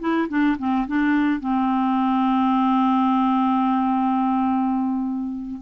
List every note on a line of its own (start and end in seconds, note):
0.00 0.28 E4
0.29 0.57 D4
0.59 0.87 C4
0.87 1.40 D4
1.40 5.61 C4